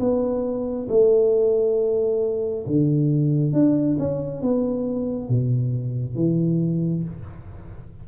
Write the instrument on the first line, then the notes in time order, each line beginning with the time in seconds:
tuba
0.00 B3
0.89 A3
2.67 D3
3.53 D4
3.99 C#4
4.42 B3
5.29 B2
6.16 E3